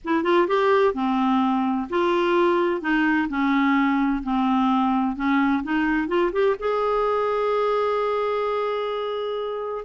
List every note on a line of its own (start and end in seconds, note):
0.04 0.23 E4
0.23 0.47 F4
0.47 0.94 G4
0.94 1.87 C4
1.89 2.81 F4
2.81 3.28 D#4
3.29 4.22 C#4
4.23 5.16 C4
5.16 5.62 C#4
5.63 6.07 D#4
6.07 6.31 F4
6.32 6.56 G4
6.59 9.84 G#4